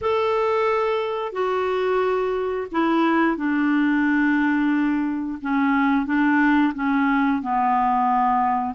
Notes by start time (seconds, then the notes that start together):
0.01 A4
1.32 F#4
2.72 E4
3.36 D4
5.41 C#4
6.06 D4
6.74 C#4
7.42 B3